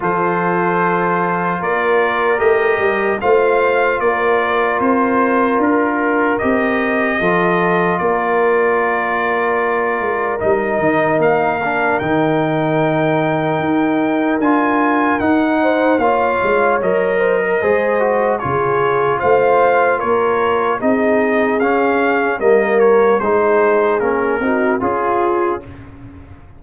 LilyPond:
<<
  \new Staff \with { instrumentName = "trumpet" } { \time 4/4 \tempo 4 = 75 c''2 d''4 dis''4 | f''4 d''4 c''4 ais'4 | dis''2 d''2~ | d''4 dis''4 f''4 g''4~ |
g''2 gis''4 fis''4 | f''4 dis''2 cis''4 | f''4 cis''4 dis''4 f''4 | dis''8 cis''8 c''4 ais'4 gis'4 | }
  \new Staff \with { instrumentName = "horn" } { \time 4/4 a'2 ais'2 | c''4 ais'2.~ | ais'4 a'4 ais'2~ | ais'1~ |
ais'2.~ ais'8 c''8 | cis''4. c''16 ais'16 c''4 gis'4 | c''4 ais'4 gis'2 | ais'4 gis'4. fis'8 f'4 | }
  \new Staff \with { instrumentName = "trombone" } { \time 4/4 f'2. g'4 | f'1 | g'4 f'2.~ | f'4 dis'4. d'8 dis'4~ |
dis'2 f'4 dis'4 | f'4 ais'4 gis'8 fis'8 f'4~ | f'2 dis'4 cis'4 | ais4 dis'4 cis'8 dis'8 f'4 | }
  \new Staff \with { instrumentName = "tuba" } { \time 4/4 f2 ais4 a8 g8 | a4 ais4 c'4 d'4 | c'4 f4 ais2~ | ais8 gis8 g8 dis8 ais4 dis4~ |
dis4 dis'4 d'4 dis'4 | ais8 gis8 fis4 gis4 cis4 | a4 ais4 c'4 cis'4 | g4 gis4 ais8 c'8 cis'4 | }
>>